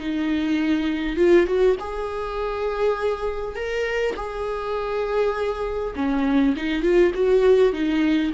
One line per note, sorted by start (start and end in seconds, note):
0.00 1.17 D#4
1.17 1.46 F4
1.47 1.76 F#4
1.80 3.56 G#4
3.56 4.15 A#4
4.16 5.94 G#4
5.96 6.55 C#4
6.56 6.82 D#4
6.82 7.12 F4
7.14 7.73 F#4
7.73 8.32 D#4